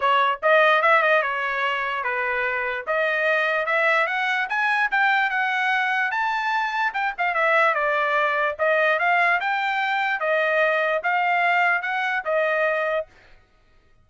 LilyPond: \new Staff \with { instrumentName = "trumpet" } { \time 4/4 \tempo 4 = 147 cis''4 dis''4 e''8 dis''8 cis''4~ | cis''4 b'2 dis''4~ | dis''4 e''4 fis''4 gis''4 | g''4 fis''2 a''4~ |
a''4 g''8 f''8 e''4 d''4~ | d''4 dis''4 f''4 g''4~ | g''4 dis''2 f''4~ | f''4 fis''4 dis''2 | }